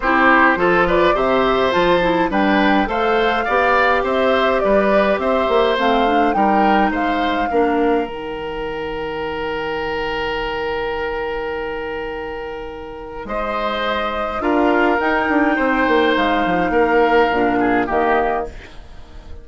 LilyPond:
<<
  \new Staff \with { instrumentName = "flute" } { \time 4/4 \tempo 4 = 104 c''4. d''8 e''4 a''4 | g''4 f''2 e''4 | d''4 e''4 f''4 g''4 | f''2 g''2~ |
g''1~ | g''2. dis''4~ | dis''4 f''4 g''2 | f''2. dis''4 | }
  \new Staff \with { instrumentName = "oboe" } { \time 4/4 g'4 a'8 b'8 c''2 | b'4 c''4 d''4 c''4 | b'4 c''2 ais'4 | c''4 ais'2.~ |
ais'1~ | ais'2. c''4~ | c''4 ais'2 c''4~ | c''4 ais'4. gis'8 g'4 | }
  \new Staff \with { instrumentName = "clarinet" } { \time 4/4 e'4 f'4 g'4 f'8 e'8 | d'4 a'4 g'2~ | g'2 c'8 d'8 dis'4~ | dis'4 d'4 dis'2~ |
dis'1~ | dis'1~ | dis'4 f'4 dis'2~ | dis'2 d'4 ais4 | }
  \new Staff \with { instrumentName = "bassoon" } { \time 4/4 c'4 f4 c4 f4 | g4 a4 b4 c'4 | g4 c'8 ais8 a4 g4 | gis4 ais4 dis2~ |
dis1~ | dis2. gis4~ | gis4 d'4 dis'8 d'8 c'8 ais8 | gis8 f8 ais4 ais,4 dis4 | }
>>